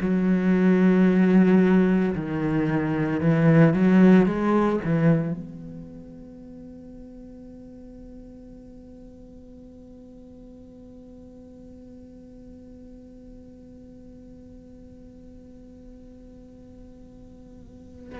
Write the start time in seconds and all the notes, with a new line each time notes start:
0.00 F#3
2.15 D#3
3.20 E3
3.73 F#3
4.26 G#3
4.84 E3
5.33 B3